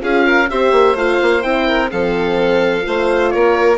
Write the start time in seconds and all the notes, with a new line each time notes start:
0.00 C#4 F4 G#4 F5
0.26 A#4
0.50 C4 G4 C5 E5
0.72 A#3
0.96 A3 F4 F5
1.22 A#3
1.42 C4 E4 G5
1.67 A#4
1.90 F3 C4 A4 F5
2.82 A3 F4 C5
3.30 A#3 A#4 C#5